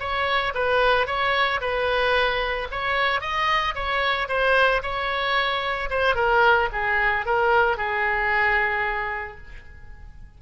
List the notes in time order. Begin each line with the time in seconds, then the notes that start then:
0.00 C#5
0.55 B4
1.07 C#5
1.61 B4
2.72 C#5
3.21 D#5
3.75 C#5
4.29 C5
4.83 C#5
5.91 C5
6.16 A#4
6.73 G#4
7.26 A#4
7.78 G#4